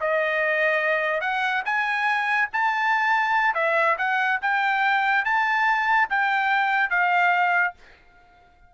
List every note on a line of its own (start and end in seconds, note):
0.00 1.21 D#5
1.21 1.63 F#5
1.65 2.49 G#5
2.53 3.54 A5
3.54 3.96 E5
3.98 4.40 F#5
4.41 5.24 G5
5.24 6.08 A5
6.09 6.90 G5
6.90 7.74 F5